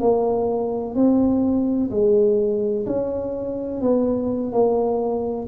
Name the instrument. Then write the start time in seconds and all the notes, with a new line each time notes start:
tuba
0.00 A#3
0.95 C4
1.90 G#3
2.86 C#4
3.81 B3
4.52 A#3